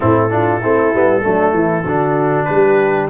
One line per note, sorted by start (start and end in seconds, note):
0.00 0.63 A2
0.00 0.30 C4
0.00 0.31 E4
0.00 2.44 A4
0.30 0.61 D4
0.30 0.60 F4
0.60 0.93 A3
0.60 0.93 C4
0.60 1.22 E4
0.93 1.24 G3
0.93 1.21 B3
1.21 1.53 F#3
1.21 1.83 A3
1.21 1.54 D4
1.53 1.84 E3
1.53 1.84 E4
1.84 2.47 D3
1.84 3.09 D4
1.84 2.46 F#4
2.44 3.09 G3
2.44 3.06 B4
2.51 3.09 G4